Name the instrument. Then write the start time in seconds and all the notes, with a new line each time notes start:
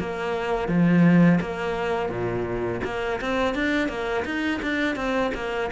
cello
0.00 A#3
0.69 F3
1.41 A#3
2.10 A#2
2.85 A#3
3.21 C4
3.55 D4
3.89 A#3
4.25 D#4
4.63 D4
4.96 C4
5.35 A#3